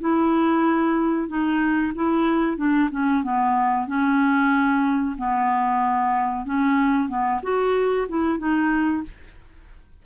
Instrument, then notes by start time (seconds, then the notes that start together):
clarinet
0.00 E4
1.28 D#4
1.95 E4
2.57 D4
2.91 C#4
3.23 B3
3.87 C#4
5.17 B3
6.45 C#4
7.09 B3
7.43 F#4
8.09 E4
8.38 D#4